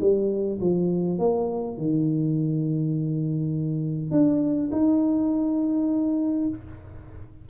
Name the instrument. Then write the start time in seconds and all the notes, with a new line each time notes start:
tuba
0.00 G3
0.60 F3
1.18 A#3
1.77 D#3
4.10 D4
4.71 D#4